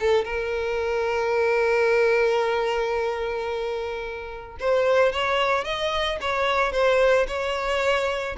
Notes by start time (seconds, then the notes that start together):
0.00 A4
0.24 A#4
4.60 C5
5.12 C#5
5.64 D#5
6.21 C#5
6.72 C5
7.28 C#5